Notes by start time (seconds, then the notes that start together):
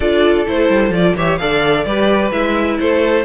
0.00 D4 F4 A4 D5
0.46 A3 E4 C5
0.69 G3
0.89 F3 F4 D5
1.15 E3 G4 C#5 E5
1.37 D3 A4 D5 F5
1.84 G3 G4 B4 D5
2.31 G#3 E4 E5
2.79 A3 A4 C5